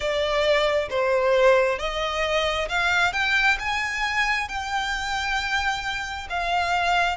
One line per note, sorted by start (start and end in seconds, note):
0.00 0.88 D5
0.90 1.79 C5
1.79 2.68 D#5
2.68 3.13 F5
3.13 3.57 G5
3.59 4.48 G#5
4.48 6.27 G5
6.29 7.17 F5